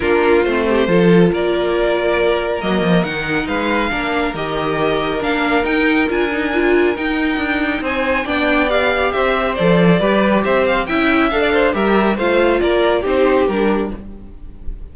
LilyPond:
<<
  \new Staff \with { instrumentName = "violin" } { \time 4/4 \tempo 4 = 138 ais'4 c''2 d''4~ | d''2 dis''4 fis''4 | f''2 dis''2 | f''4 g''4 gis''2 |
g''2 gis''4 g''4 | f''4 e''4 d''2 | e''8 f''8 g''4 f''4 e''4 | f''4 d''4 c''4 ais'4 | }
  \new Staff \with { instrumentName = "violin" } { \time 4/4 f'4. g'8 a'4 ais'4~ | ais'1 | b'4 ais'2.~ | ais'1~ |
ais'2 c''4 d''4~ | d''4 c''2 b'4 | c''4 e''4~ e''16 d''16 c''8 ais'4 | c''4 ais'4 g'2 | }
  \new Staff \with { instrumentName = "viola" } { \time 4/4 d'4 c'4 f'2~ | f'2 ais4 dis'4~ | dis'4 d'4 g'2 | d'4 dis'4 f'8 dis'8 f'4 |
dis'2. d'4 | g'2 a'4 g'4~ | g'4 e'4 a'4 g'4 | f'2 dis'4 d'4 | }
  \new Staff \with { instrumentName = "cello" } { \time 4/4 ais4 a4 f4 ais4~ | ais2 fis8 f8 dis4 | gis4 ais4 dis2 | ais4 dis'4 d'2 |
dis'4 d'4 c'4 b4~ | b4 c'4 f4 g4 | c'4 cis'4 d'4 g4 | a4 ais4 c'4 g4 | }
>>